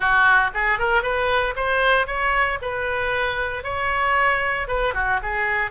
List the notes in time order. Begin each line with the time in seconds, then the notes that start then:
0.00 F#4
0.54 G#4
0.78 A#4
1.02 B4
1.55 C5
2.06 C#5
2.61 B4
3.63 C#5
4.67 B4
4.94 F#4
5.22 G#4